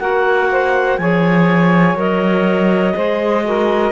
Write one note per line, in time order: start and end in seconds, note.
0.00 0.99 A#3
0.00 0.99 F#4
0.00 0.49 A#4
0.00 0.98 F#5
0.52 1.00 C5
0.98 1.95 F3
0.98 1.97 G#4
0.98 2.96 C#5
0.98 1.97 G#5
1.95 2.94 F#3
1.95 2.94 A#4
1.95 3.92 D#5
2.94 3.92 G#3
2.94 3.43 G#4
2.94 3.45 C5
3.45 3.92 F#4
3.45 3.92 A#4